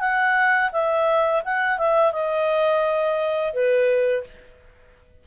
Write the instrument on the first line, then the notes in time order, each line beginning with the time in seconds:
clarinet
0.00 F#5
0.72 E5
1.45 F#5
1.78 E5
2.12 D#5
3.54 B4